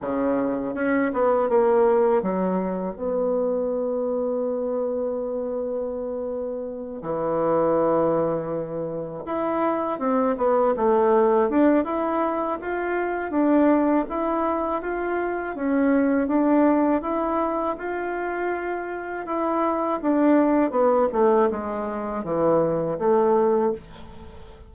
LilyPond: \new Staff \with { instrumentName = "bassoon" } { \time 4/4 \tempo 4 = 81 cis4 cis'8 b8 ais4 fis4 | b1~ | b4. e2~ e8~ | e8 e'4 c'8 b8 a4 d'8 |
e'4 f'4 d'4 e'4 | f'4 cis'4 d'4 e'4 | f'2 e'4 d'4 | b8 a8 gis4 e4 a4 | }